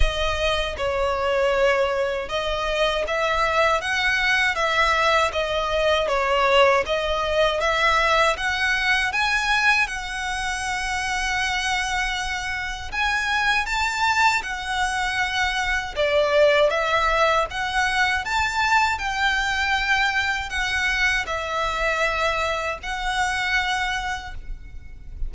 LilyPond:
\new Staff \with { instrumentName = "violin" } { \time 4/4 \tempo 4 = 79 dis''4 cis''2 dis''4 | e''4 fis''4 e''4 dis''4 | cis''4 dis''4 e''4 fis''4 | gis''4 fis''2.~ |
fis''4 gis''4 a''4 fis''4~ | fis''4 d''4 e''4 fis''4 | a''4 g''2 fis''4 | e''2 fis''2 | }